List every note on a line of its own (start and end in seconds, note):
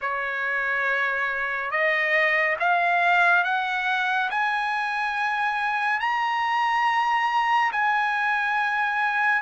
0.01 1.70 C#5
1.70 2.56 D#5
2.59 3.44 F5
3.44 4.29 F#5
4.30 6.00 G#5
6.00 7.71 A#5
7.71 9.42 G#5